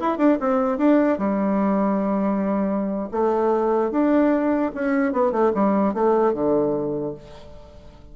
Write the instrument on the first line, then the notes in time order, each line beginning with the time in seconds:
bassoon
0.00 E4
0.18 D4
0.40 C4
0.78 D4
1.18 G3
3.12 A3
3.91 D4
4.75 C#4
5.13 B3
5.32 A3
5.54 G3
5.94 A3
6.34 D3